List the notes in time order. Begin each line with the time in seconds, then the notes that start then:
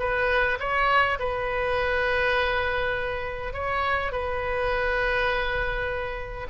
0.00 B4
0.60 C#5
1.19 B4
3.53 C#5
4.12 B4